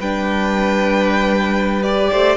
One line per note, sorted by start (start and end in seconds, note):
0.00 2.10 G3
0.00 1.83 D4
0.00 2.11 B4
0.00 1.83 G5
1.83 2.37 G4
1.83 2.37 D5
2.12 2.37 A3
2.12 2.37 C5